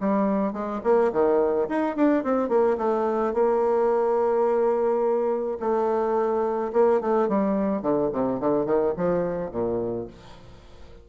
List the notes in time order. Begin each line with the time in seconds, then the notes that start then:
0.00 G3
0.53 G#3
0.83 A#3
1.12 D#3
1.68 D#4
1.96 D4
2.24 C4
2.49 A#3
2.77 A3
3.33 A#3
5.60 A3
6.73 A#3
7.01 A3
7.28 G3
7.82 D3
8.12 C3
8.40 D3
8.65 D#3
8.97 F3
9.51 A#2